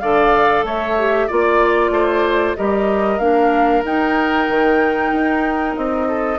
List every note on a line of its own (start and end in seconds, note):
0.00 0.64 D3
0.00 0.98 A4
0.00 0.66 D5
0.00 0.64 F5
0.64 1.28 A3
0.64 1.27 C#5
0.64 1.28 E5
0.99 1.30 G4
1.27 1.91 A#3
1.27 2.57 F4
1.27 1.91 D5
1.27 2.56 D5
1.91 2.55 A3
1.91 2.57 C5
2.56 3.19 G3
2.56 3.20 G4
2.56 6.08 A#4
2.56 3.19 D#5
3.19 3.83 A#3
3.19 3.84 D4
3.19 3.83 F5
3.84 4.48 D#4
3.84 6.39 D#4
3.84 5.77 G5
4.49 5.12 D#3
5.12 5.76 D#4
5.77 6.39 C4
5.77 6.39 D#5
6.08 6.39 A4